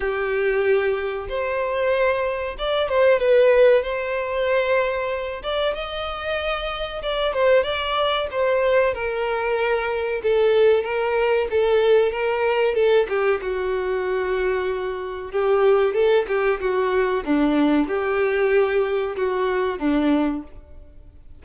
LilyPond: \new Staff \with { instrumentName = "violin" } { \time 4/4 \tempo 4 = 94 g'2 c''2 | d''8 c''8 b'4 c''2~ | c''8 d''8 dis''2 d''8 c''8 | d''4 c''4 ais'2 |
a'4 ais'4 a'4 ais'4 | a'8 g'8 fis'2. | g'4 a'8 g'8 fis'4 d'4 | g'2 fis'4 d'4 | }